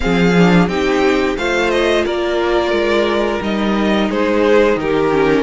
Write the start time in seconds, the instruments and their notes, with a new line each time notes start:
0.00 cello F3, viola C4, violin G#4 F5
0.38 viola D4
0.67 cello C4, viola D#4, violin G4 G5
1.37 cello A3, viola F4, violin C5 F5
1.70 violin D#5
2.05 cello A#3, violin A#4 D5
2.71 cello G#3
3.40 cello G3, viola D#4, violin D#5
4.09 cello G#3, violin G#4 C5
4.76 cello D#3, violin G4 A#4
5.12 viola C#4